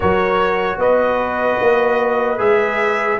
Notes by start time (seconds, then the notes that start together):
0.00 F#3 F#4 A#4 C#5
0.77 B3 B4 D#5
1.60 A#3
2.38 G#3 G#4 E5